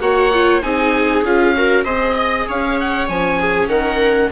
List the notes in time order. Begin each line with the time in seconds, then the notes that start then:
0.00 A#3 F#4 C#5 F#5
0.33 F4
0.62 C4 D#4 G#4 G#5
1.23 C#4 F4 F5
1.55 F#4 A#4
1.84 C4 G#4 C5 D#5
2.16 D#5
2.48 C#4 C#5 F5
2.80 F#5
3.08 F3 C#4 G#5
3.39 G#4
3.68 D#3 A#4 F#5